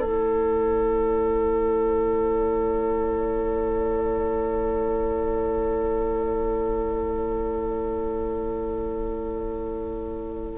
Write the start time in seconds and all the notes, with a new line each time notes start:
0.00 A3 E4 A4 C#5